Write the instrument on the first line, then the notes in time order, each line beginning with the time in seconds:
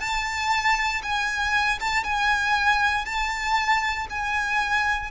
violin
0.00 A5
1.03 G#5
1.80 A5
2.04 G#5
3.06 A5
4.10 G#5